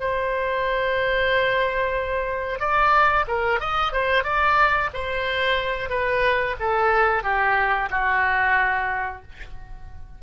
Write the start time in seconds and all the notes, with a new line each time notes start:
0.00 C5
2.59 D5
3.27 A#4
3.60 D#5
3.92 C5
4.23 D5
4.94 C5
5.89 B4
6.60 A4
7.23 G4
7.90 F#4